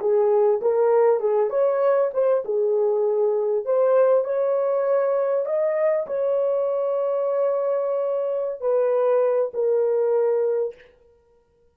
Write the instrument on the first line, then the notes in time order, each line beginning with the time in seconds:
horn
0.00 G#4
0.62 A#4
1.20 G#4
1.50 C#5
2.14 C5
2.45 G#4
3.65 C5
4.25 C#5
5.46 D#5
6.07 C#5
8.61 B4
9.54 A#4